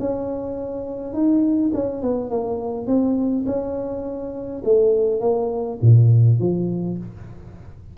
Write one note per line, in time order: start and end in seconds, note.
0.00 1.14 C#4
1.14 1.72 D#4
1.74 2.03 C#4
2.03 2.30 B3
2.30 2.87 A#3
2.87 3.45 C4
3.46 4.63 C#4
4.65 5.21 A3
5.21 5.79 A#3
5.82 6.40 A#2
6.40 6.98 F3